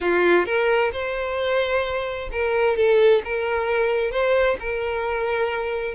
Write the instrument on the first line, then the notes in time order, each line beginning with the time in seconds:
violin
0.01 F4
0.45 A#4
0.92 C5
2.32 A#4
2.76 A4
3.24 A#4
4.11 C5
4.59 A#4